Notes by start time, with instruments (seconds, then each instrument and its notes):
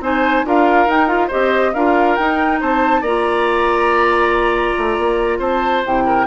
0.00 bassoon C4, clarinet D#4, oboe C5, flute G#5
0.45 bassoon D4, clarinet F4, oboe A#4, flute F5
0.86 bassoon D#4, clarinet D#4, flute G5
1.07 clarinet F4, flute F5
1.27 bassoon C4, clarinet G4, oboe C5, flute D#5
1.74 bassoon D4, clarinet F4, oboe A#4, flute F5
2.15 bassoon D#4, clarinet D#4, flute G5
2.60 bassoon C4, oboe C5, flute A5
3.01 bassoon A#3, clarinet F4, oboe D5, flute A#5
4.77 bassoon A3
4.98 bassoon A#3
5.38 bassoon C4, oboe C5, flute A5
5.85 bassoon C3, clarinet E4, flute G5
6.06 oboe A#4